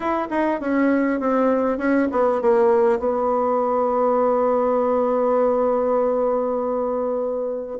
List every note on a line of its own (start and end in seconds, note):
0.00 0.28 E4
0.30 0.60 D#4
0.60 1.20 C#4
1.20 1.78 C4
1.78 2.08 C#4
2.11 2.41 B3
2.41 2.99 A#3
2.99 7.79 B3